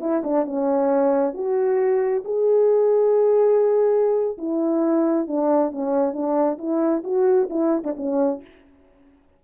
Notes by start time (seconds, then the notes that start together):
0.00 E4
0.23 D4
0.45 C#4
1.33 F#4
2.24 G#4
4.38 E4
5.27 D4
5.71 C#4
6.13 D4
6.58 E4
7.03 F#4
7.49 E4
7.84 D4
7.96 C#4